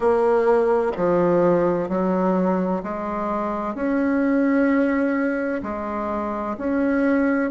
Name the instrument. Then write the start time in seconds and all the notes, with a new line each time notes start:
bassoon
0.00 A#3
0.96 F3
1.88 F#3
2.83 G#3
3.74 C#4
5.62 G#3
6.57 C#4